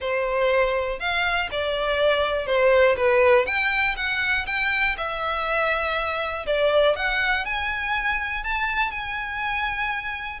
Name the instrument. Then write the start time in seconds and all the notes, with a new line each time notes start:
violin
0.00 C5
0.99 F5
1.51 D5
2.46 C5
2.97 B4
3.46 G5
3.96 F#5
4.46 G5
4.97 E5
6.46 D5
6.96 F#5
7.45 G#5
8.43 A5
8.91 G#5